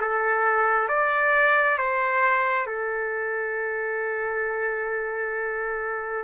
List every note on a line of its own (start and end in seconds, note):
0.00 0.88 A4
0.88 1.77 D5
1.77 2.66 C5
2.66 6.24 A4